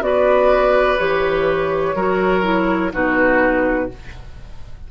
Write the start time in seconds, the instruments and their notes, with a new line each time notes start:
0.00 bassoon B3, clarinet F#4, oboe B4, flute D5
0.98 bassoon E3, clarinet G4, flute C#5
1.95 bassoon F#3, clarinet F#4, oboe A#4
2.42 clarinet E4
2.92 bassoon B2, clarinet D#4, oboe F#4, flute B4